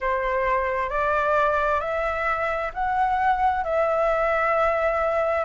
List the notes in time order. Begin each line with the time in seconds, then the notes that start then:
0.00 C5
0.89 D5
1.80 E5
2.73 F#5
3.64 E5